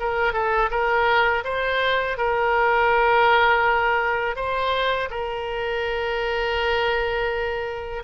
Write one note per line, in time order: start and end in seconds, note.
0.00 0.33 A#4
0.33 0.70 A4
0.71 1.44 A#4
1.45 2.18 C5
2.18 4.36 A#4
4.36 5.09 C5
5.11 8.03 A#4